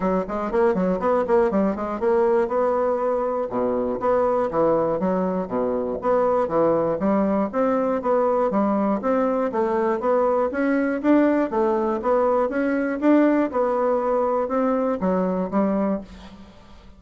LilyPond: \new Staff \with { instrumentName = "bassoon" } { \time 4/4 \tempo 4 = 120 fis8 gis8 ais8 fis8 b8 ais8 g8 gis8 | ais4 b2 b,4 | b4 e4 fis4 b,4 | b4 e4 g4 c'4 |
b4 g4 c'4 a4 | b4 cis'4 d'4 a4 | b4 cis'4 d'4 b4~ | b4 c'4 fis4 g4 | }